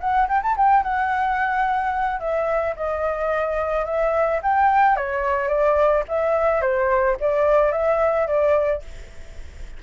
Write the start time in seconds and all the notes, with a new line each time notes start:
0.00 F#5
0.28 G5
0.42 A5
0.57 G5
0.83 F#5
2.20 E5
2.76 D#5
3.85 E5
4.42 G5
4.96 C#5
5.48 D5
6.08 E5
6.61 C5
7.20 D5
7.72 E5
8.27 D5